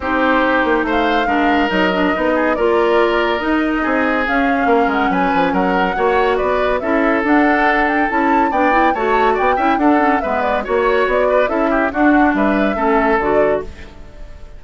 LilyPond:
<<
  \new Staff \with { instrumentName = "flute" } { \time 4/4 \tempo 4 = 141 c''2 f''2 | dis''2 d''2 | dis''2 f''4. fis''8 | gis''4 fis''2 d''4 |
e''4 fis''4. g''8 a''4 | g''4 a''4 g''4 fis''4 | e''8 d''8 cis''4 d''4 e''4 | fis''4 e''2 d''4 | }
  \new Staff \with { instrumentName = "oboe" } { \time 4/4 g'2 c''4 ais'4~ | ais'4. gis'8 ais'2~ | ais'4 gis'2 ais'4 | b'4 ais'4 cis''4 b'4 |
a'1 | d''4 cis''4 d''8 e''8 a'4 | b'4 cis''4. b'8 a'8 g'8 | fis'4 b'4 a'2 | }
  \new Staff \with { instrumentName = "clarinet" } { \time 4/4 dis'2. d'4 | dis'8 d'8 dis'4 f'2 | dis'2 cis'2~ | cis'2 fis'2 |
e'4 d'2 e'4 | d'8 e'8 fis'4. e'8 d'8 cis'8 | b4 fis'2 e'4 | d'2 cis'4 fis'4 | }
  \new Staff \with { instrumentName = "bassoon" } { \time 4/4 c'4. ais8 a4 gis4 | fis4 b4 ais2 | dis'4 c'4 cis'4 ais8 gis8 | fis8 f8 fis4 ais4 b4 |
cis'4 d'2 cis'4 | b4 a4 b8 cis'8 d'4 | gis4 ais4 b4 cis'4 | d'4 g4 a4 d4 | }
>>